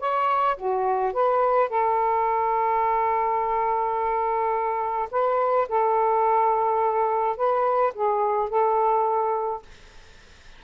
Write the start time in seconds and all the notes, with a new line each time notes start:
0.00 C#5
0.57 F#4
1.13 B4
1.70 A4
5.11 B4
5.69 A4
7.37 B4
7.94 G#4
8.50 A4